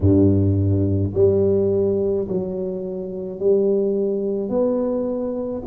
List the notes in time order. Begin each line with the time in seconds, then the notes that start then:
0.00 G2
1.14 G3
2.27 F#3
3.39 G3
4.49 B3